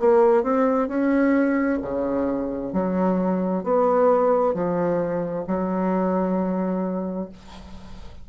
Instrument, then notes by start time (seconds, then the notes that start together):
bassoon
0.00 A#3
0.43 C4
0.88 C#4
1.82 C#3
2.73 F#3
3.64 B3
4.54 F3
5.48 F#3